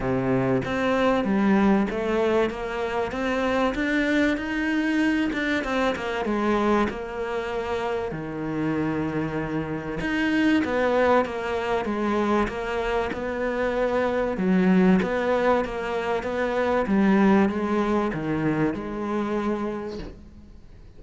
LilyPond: \new Staff \with { instrumentName = "cello" } { \time 4/4 \tempo 4 = 96 c4 c'4 g4 a4 | ais4 c'4 d'4 dis'4~ | dis'8 d'8 c'8 ais8 gis4 ais4~ | ais4 dis2. |
dis'4 b4 ais4 gis4 | ais4 b2 fis4 | b4 ais4 b4 g4 | gis4 dis4 gis2 | }